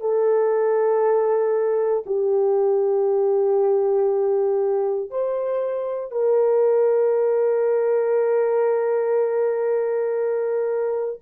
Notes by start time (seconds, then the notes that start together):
0.00 A4
2.06 G4
5.10 C5
6.11 A#4